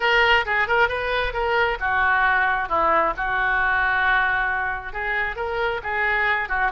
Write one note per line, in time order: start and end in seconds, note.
0.00 0.45 A#4
0.45 0.67 G#4
0.67 0.88 A#4
0.88 1.33 B4
1.33 1.77 A#4
1.80 2.69 F#4
2.69 3.13 E4
3.16 4.93 F#4
4.93 5.36 G#4
5.36 5.80 A#4
5.83 6.48 G#4
6.48 6.71 F#4